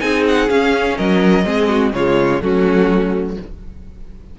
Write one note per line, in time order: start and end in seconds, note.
0.00 0.50 C4
0.00 0.48 D#4
0.00 0.98 G#4
0.00 0.24 G#5
0.28 0.50 F#5
0.48 1.44 C#4
0.48 0.98 C#4
0.48 0.98 F5
0.98 1.45 F#3
0.98 1.46 A#4
0.98 1.94 D#5
1.44 1.93 G#3
1.44 1.92 C4
1.44 1.69 G#4
1.69 1.93 F#4
1.93 2.41 C#3
1.93 2.41 G#3
1.93 2.43 F4
1.93 2.42 C#5
2.41 3.37 F#3
2.41 3.37 A3
2.41 3.39 C#4
2.41 3.38 F#4